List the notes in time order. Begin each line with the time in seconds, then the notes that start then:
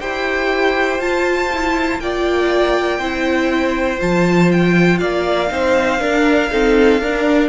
0.00 E4 G4 C5 G5
0.98 F4 A5
1.53 E4
1.99 A#3 F4 D5 G5
2.98 C4 E4 C5
3.99 F3 F4 A5
4.51 G5
4.98 A#3 D5 F5
5.48 C4 D#4 C5
5.99 D4 A#4
6.50 C4 D#4 A4
6.99 D4 A#4